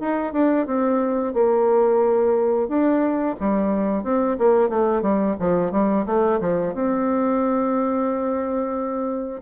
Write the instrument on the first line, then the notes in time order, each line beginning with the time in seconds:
bassoon
0.00 D#4
0.33 D4
0.66 C4
1.34 A#3
2.68 D4
3.40 G3
4.04 C4
4.38 A#3
4.69 A3
5.02 G3
5.40 F3
5.72 G3
6.06 A3
6.40 F3
6.74 C4